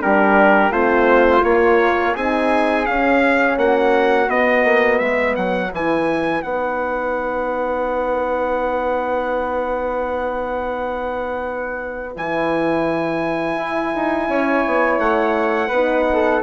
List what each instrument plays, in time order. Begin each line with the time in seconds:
0.00 bassoon G3, horn D4, flute G4, trumpet A#4
0.70 bassoon A3, horn C4, flute F4, trumpet C5
1.43 bassoon A#3, horn A#3, trumpet C#5
2.13 bassoon C4, horn D#4, flute G#4, trumpet G#5
2.85 horn C#4, bassoon C#4, trumpet F5
3.57 bassoon A#3, flute F#4, trumpet F#5
4.28 horn B3, bassoon B3, trumpet D#5
4.64 bassoon A#3
4.98 bassoon G#3, flute B4, trumpet E5
5.35 bassoon F#3, trumpet F#5
5.72 bassoon E3, horn E4, trumpet G#5
6.42 bassoon B3, horn D#4, trumpet F#5
12.15 bassoon E3, horn E4, trumpet G#5
13.56 bassoon E4
13.95 bassoon D#4
14.28 bassoon C#4, flute C#5
14.66 bassoon B3
14.98 bassoon A3, trumpet F#5
15.68 bassoon B3, flute B4
15.74 horn D#4
16.13 flute A4